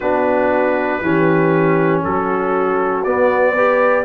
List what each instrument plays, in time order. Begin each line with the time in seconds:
0.00 tuba B3, trombone D4, horn F#4, trumpet B4
1.01 tuba E3, trombone C#4, horn G4
2.03 tuba F#3, horn F#4, trumpet A4
3.03 tuba B3, trombone B3, trumpet D5
3.54 trombone G4, horn B4